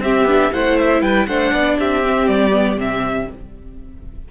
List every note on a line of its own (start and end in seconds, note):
0.00 0.25 C4
0.00 0.28 C4
0.00 0.53 G4
0.00 0.53 E5
0.25 0.50 B3
0.25 0.53 D4
0.53 1.02 A3
0.53 1.28 E4
0.53 1.02 C5
0.53 0.78 F#5
0.79 1.02 E5
1.02 1.27 G3
1.02 1.27 B4
1.02 1.27 G5
1.27 1.53 A3
1.27 2.03 D4
1.27 1.54 C5
1.27 1.77 F#5
1.53 1.78 B3
1.53 1.79 D5
1.79 2.28 C4
1.79 3.29 G4
1.79 2.28 E5
2.03 2.52 C4
2.28 2.77 G3
2.28 2.78 D5
2.52 2.77 B3
2.77 3.27 C3
2.77 3.28 C4
2.77 3.31 E5